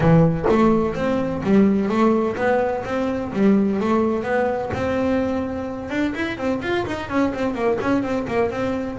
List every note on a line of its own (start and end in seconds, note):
0.00 0.45 E3
0.49 0.94 A3
0.94 1.42 C4
1.43 1.88 G3
1.88 2.36 A3
2.36 2.83 B3
2.85 3.32 C4
3.32 3.79 G3
3.80 4.23 A3
4.23 4.70 B3
4.73 5.90 C4
5.90 6.13 D4
6.15 6.37 E4
6.37 6.61 C4
6.62 6.85 F4
6.85 7.09 D#4
7.09 7.32 C#4
7.33 7.54 C4
7.54 7.78 A#3
7.81 8.02 C#4
8.02 8.26 C4
8.27 8.50 A#3
8.50 8.98 C4